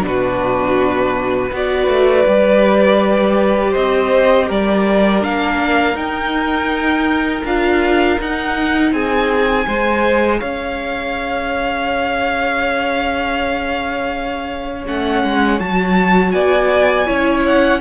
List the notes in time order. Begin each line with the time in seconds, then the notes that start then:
0.00 B2 D4
0.06 F#4 B4
1.50 B3 F#4 B4 D5
1.87 A3
2.27 G3 G4
3.72 C4 C5 D#5
4.48 G3 A#4 D5
5.21 A#3 D4 F5
5.95 D#4 G5
7.45 D4 F4 F5
8.20 D#4 F#5
8.92 C4 G#4 G#5
9.68 G#3 G#4 C5
10.40 C#4 C#5 F5
14.87 A3 C#4 F#5
15.24 G#3
15.59 F#3 F#4 A5
16.32 B3 D5 G#5
17.06 C#4 E4 C#5
17.46 F#5